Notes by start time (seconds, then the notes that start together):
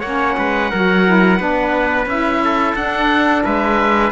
0.00 A#3 C#4 C#5 F#5
0.38 G#3 B4
0.71 F#3 F#4 A#4
1.06 E4
1.38 B3 D4 B4
2.06 C#4 E4 E5
2.44 A4
2.75 D4 F#5
3.44 G#3 B4 E5